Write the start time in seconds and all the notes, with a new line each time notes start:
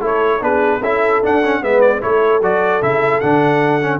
0.00 A3 E4 A4 C#5
0.40 B3 D4 G#4 B4
0.81 C#4 E4 A4 E5
1.23 D4 F#5
1.44 C#4
1.62 G#3 B3 B4 E5
1.81 D5
2.01 A3 E4 A4 C#5
2.42 F#3 F#4 D5
2.82 C#3 E4 E5
3.20 D3 D4 F#5
3.81 C#4